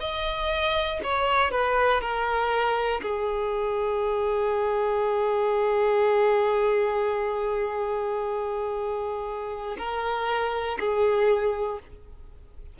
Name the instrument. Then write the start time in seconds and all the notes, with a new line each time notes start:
violin
0.00 D#5
1.03 C#5
1.51 B4
2.01 A#4
3.02 G#4
9.78 A#4
10.80 G#4